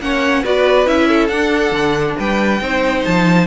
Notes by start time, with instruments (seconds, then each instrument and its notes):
0.00 cello A#3, viola C#4, violin C#5 F#5
0.42 cello B3, viola F#4, violin B4 D5
0.86 cello C#4, viola E4, violin E5
1.08 violin A4
1.28 viola D4, cello D4, violin F#5
1.72 cello D3
2.17 cello G3, violin B4 G5
2.61 cello C4, viola D#4, violin C5
3.04 cello F3, violin A5